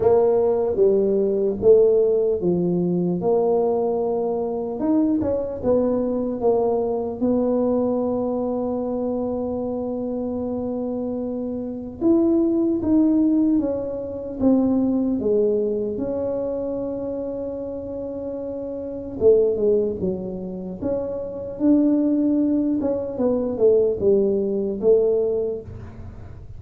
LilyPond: \new Staff \with { instrumentName = "tuba" } { \time 4/4 \tempo 4 = 75 ais4 g4 a4 f4 | ais2 dis'8 cis'8 b4 | ais4 b2.~ | b2. e'4 |
dis'4 cis'4 c'4 gis4 | cis'1 | a8 gis8 fis4 cis'4 d'4~ | d'8 cis'8 b8 a8 g4 a4 | }